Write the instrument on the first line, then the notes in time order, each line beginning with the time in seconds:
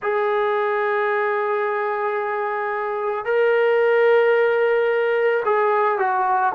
trombone
0.02 G#4
3.25 A#4
5.45 G#4
5.98 F#4